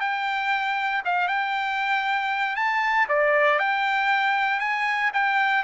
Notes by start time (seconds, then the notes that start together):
0.00 G5
1.05 F5
1.28 G5
2.55 A5
3.09 D5
3.59 G5
4.59 G#5
5.13 G5